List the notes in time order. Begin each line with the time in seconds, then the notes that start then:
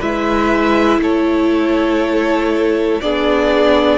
0.00 G#3 E4 B4 E5
0.99 A3 A4 C#5
3.01 B3 D4 G#4 D5